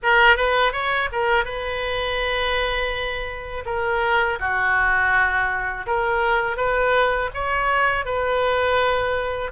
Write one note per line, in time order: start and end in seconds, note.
0.02 0.36 A#4
0.36 0.72 B4
0.72 1.09 C#5
1.11 1.45 A#4
1.45 3.64 B4
3.66 4.39 A#4
4.39 5.86 F#4
5.86 6.56 A#4
6.56 7.29 B4
7.34 8.05 C#5
8.05 9.51 B4